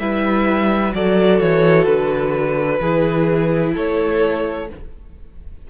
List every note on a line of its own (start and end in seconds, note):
0.00 0.94 G3
0.00 0.94 E4
0.00 0.95 B4
0.00 0.94 E5
0.94 1.41 F#3
0.94 2.81 F#4
0.94 2.81 A4
0.94 1.41 D5
1.41 1.87 E3
1.41 1.85 C#5
1.85 2.80 D3
1.85 3.73 B4
2.81 3.75 E3
2.81 4.68 E4
2.81 3.74 G#4
3.74 4.71 A3
3.74 4.68 A4
3.74 4.70 C#5